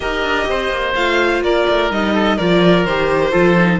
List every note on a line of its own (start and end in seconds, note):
0.00 0.23 D#4
0.00 0.95 G4
0.00 0.48 A#4
0.00 0.94 D#5
0.23 0.46 D4
0.47 0.70 C4
0.47 1.44 C5
0.70 0.94 A#3
0.94 1.41 A3
0.94 1.91 F4
0.94 1.42 F5
1.41 1.64 A#3
1.41 2.13 A#4
1.41 1.91 D5
1.69 1.90 A3
1.90 2.38 G3
1.90 2.38 D#4
1.90 2.38 D#5
2.13 2.37 A4
2.37 2.85 F3
2.37 2.87 F4
2.37 3.31 A#4
2.37 2.84 D5
2.84 3.32 D#3
2.84 3.31 G4
2.84 3.79 C5
3.31 3.79 F3
3.31 3.55 F4
3.31 3.79 A4
3.58 3.79 D#4